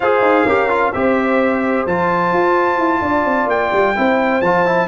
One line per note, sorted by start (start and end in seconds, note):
0.00 0.21 F4
0.00 0.48 G#4
0.00 0.45 C5
0.00 0.93 F5
0.21 0.44 D#4
0.45 0.92 C#4
0.45 0.69 G4
0.45 0.92 A#4
0.69 0.92 F4
0.93 1.86 C4
0.93 1.87 G4
0.93 3.02 C5
0.93 1.86 E5
1.86 2.32 F3
1.86 3.95 F4
1.86 3.49 A5
2.32 2.77 F4
2.77 3.00 E4
3.01 3.24 D4
3.01 3.95 D5
3.24 3.46 C4
3.46 3.69 A#3
3.46 4.41 G5
3.72 3.95 G3
3.95 4.41 C4
3.95 4.42 E4
3.95 4.87 C5
4.41 4.87 F3
4.41 4.66 F4
4.41 4.87 A5
4.66 4.87 E4